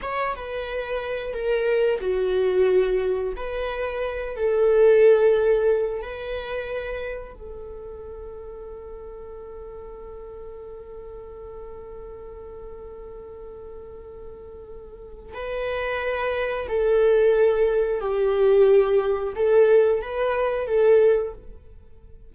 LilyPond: \new Staff \with { instrumentName = "viola" } { \time 4/4 \tempo 4 = 90 cis''8 b'4. ais'4 fis'4~ | fis'4 b'4. a'4.~ | a'4 b'2 a'4~ | a'1~ |
a'1~ | a'2. b'4~ | b'4 a'2 g'4~ | g'4 a'4 b'4 a'4 | }